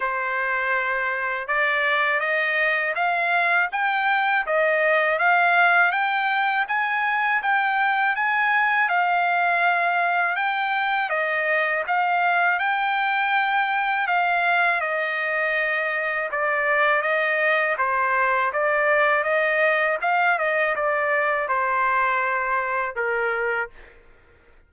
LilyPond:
\new Staff \with { instrumentName = "trumpet" } { \time 4/4 \tempo 4 = 81 c''2 d''4 dis''4 | f''4 g''4 dis''4 f''4 | g''4 gis''4 g''4 gis''4 | f''2 g''4 dis''4 |
f''4 g''2 f''4 | dis''2 d''4 dis''4 | c''4 d''4 dis''4 f''8 dis''8 | d''4 c''2 ais'4 | }